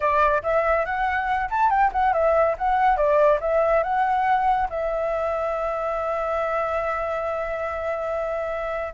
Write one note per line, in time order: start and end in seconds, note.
0.00 0.42 D5
0.43 0.85 E5
0.85 1.49 F#5
1.50 1.70 A5
1.70 1.91 G5
1.92 2.13 F#5
2.13 2.55 E5
2.57 2.96 F#5
2.96 3.39 D5
3.40 3.83 E5
3.83 4.68 F#5
4.69 8.93 E5